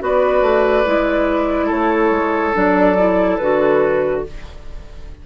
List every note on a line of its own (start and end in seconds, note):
0.00 0.42 B3
0.00 0.85 F#4
0.00 1.67 B4
0.00 1.71 D5
0.42 0.84 A3
0.86 1.71 G#3
0.86 2.54 E4
1.67 2.11 A3
1.67 4.21 A4
1.67 2.56 C#5
2.11 2.54 G#3
2.54 3.40 F#3
2.54 2.96 D4
2.54 3.38 D5
2.98 3.40 E4
3.38 4.25 D3
3.38 4.27 F#4
3.38 4.22 B4